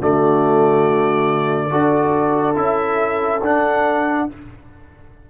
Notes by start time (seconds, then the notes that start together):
0.00 D3 A3 F#4 D5
1.71 D4 F#4 A4
2.55 C#4 E4 E5
3.42 D4 F#5